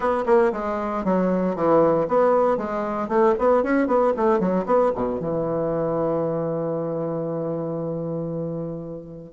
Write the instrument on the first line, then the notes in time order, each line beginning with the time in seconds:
bassoon
0.00 B3
0.26 A#3
0.52 G#3
1.04 F#3
1.55 E3
2.08 B3
2.57 G#3
3.08 A3
3.38 B3
3.63 C#4
3.87 B3
4.16 A3
4.39 F#3
4.66 B3
4.95 B2
5.20 E3